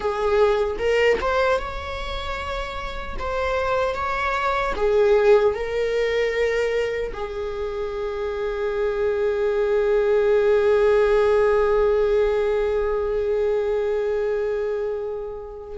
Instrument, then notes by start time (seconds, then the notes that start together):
viola
0.00 G#4
0.78 A#4
1.20 C5
1.59 C#5
3.18 C5
3.94 C#5
4.75 G#4
5.54 A#4
7.13 G#4